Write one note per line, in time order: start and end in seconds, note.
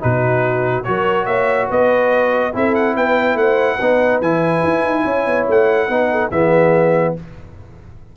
0.00 0.87 B2
0.00 0.84 D#4
0.00 0.86 F#4
0.00 0.83 B4
0.83 1.26 F#3
0.83 2.53 F#4
0.83 1.26 A#4
0.83 1.25 C#5
1.26 1.68 A#3
1.26 1.68 C#5
1.26 1.68 E5
1.68 2.54 B3
1.68 2.51 B4
1.68 2.55 D#5
2.53 2.96 C4
2.53 3.79 E4
2.53 2.96 A4
2.53 2.75 E5
2.75 2.96 F#5
2.96 3.35 B3
2.96 3.38 B4
2.96 3.37 G5
3.35 3.77 A3
3.35 3.75 C5
3.35 4.21 F#5
3.75 4.21 B3
3.75 5.01 B4
3.81 4.23 D#4
4.21 4.63 E3
4.21 5.90 E4
4.21 5.47 G#5
4.64 4.83 E4
4.83 5.04 D#4
5.04 5.26 C#4
5.04 5.87 C#5
5.26 5.47 B3
5.49 5.89 A3
5.49 6.31 F#5
5.87 6.31 B3
5.87 6.32 D#4
5.87 6.08 B4
6.11 6.30 A4
6.30 7.15 E3
6.30 7.17 B3
6.30 7.14 G#4
6.30 7.15 E5